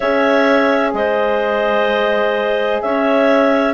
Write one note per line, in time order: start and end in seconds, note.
0.00 0.93 C#4
0.00 3.73 G#4
0.00 0.91 C#5
0.00 0.92 E5
0.93 2.80 G#3
0.93 2.82 C5
0.93 2.81 D#5
2.81 3.73 C#4
2.81 3.73 C#5
2.81 3.73 E5